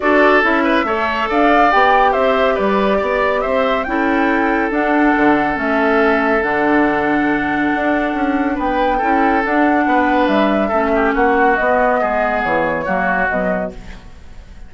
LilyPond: <<
  \new Staff \with { instrumentName = "flute" } { \time 4/4 \tempo 4 = 140 d''4 e''2 f''4 | g''4 e''4 d''2 | e''4 g''2 fis''4~ | fis''4 e''2 fis''4~ |
fis''1 | g''2 fis''2 | e''2 fis''4 dis''4~ | dis''4 cis''2 dis''4 | }
  \new Staff \with { instrumentName = "oboe" } { \time 4/4 a'4. b'8 cis''4 d''4~ | d''4 c''4 b'4 d''4 | c''4 a'2.~ | a'1~ |
a'1 | b'4 a'2 b'4~ | b'4 a'8 g'8 fis'2 | gis'2 fis'2 | }
  \new Staff \with { instrumentName = "clarinet" } { \time 4/4 fis'4 e'4 a'2 | g'1~ | g'4 e'2 d'4~ | d'4 cis'2 d'4~ |
d'1~ | d'4 e'4 d'2~ | d'4 cis'2 b4~ | b2 ais4 fis4 | }
  \new Staff \with { instrumentName = "bassoon" } { \time 4/4 d'4 cis'4 a4 d'4 | b4 c'4 g4 b4 | c'4 cis'2 d'4 | d4 a2 d4~ |
d2 d'4 cis'4 | b4 cis'4 d'4 b4 | g4 a4 ais4 b4 | gis4 e4 fis4 b,4 | }
>>